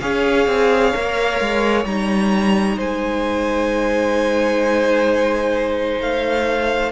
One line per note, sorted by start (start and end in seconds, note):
0.00 0.47 C#4
0.00 0.94 G#4
0.00 2.77 C#5
0.00 1.85 F5
0.47 0.93 C4
0.94 1.40 A#3
0.94 1.87 A#4
1.40 1.85 G#3
1.85 2.77 G3
1.85 6.92 D#4
1.85 2.79 A#5
2.77 6.01 G#3
2.77 6.92 C5
2.77 6.02 G#5
6.01 6.92 A3
6.01 6.92 F5